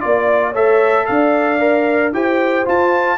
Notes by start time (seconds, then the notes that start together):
0.00 A#3 F4 D5
0.50 A3 A4 C#5 E5
1.06 D4 D5 F5
1.59 A#4
2.12 E4 G4 C5 G5
2.64 F4 A5